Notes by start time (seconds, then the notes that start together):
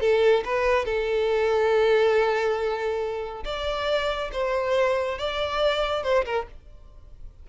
0.00 A4
0.45 B4
0.85 A4
3.44 D5
4.32 C5
5.18 D5
6.03 C5
6.25 A#4